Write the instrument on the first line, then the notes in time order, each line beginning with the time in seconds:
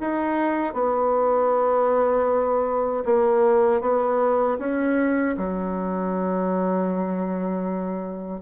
bassoon
0.00 D#4
0.73 B3
3.05 A#3
3.81 B3
4.58 C#4
5.36 F#3